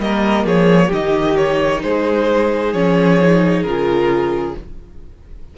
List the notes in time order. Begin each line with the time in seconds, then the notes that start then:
0.00 G3 A#3 A#4 D#5
0.45 F3 G#4 C#5
0.88 D#3 D#4 G4 D#5
1.37 C#5
1.83 G#3 G#4 C5
2.73 F3 C#4 C#5
3.21 D#4
3.63 C#3 F4 A#4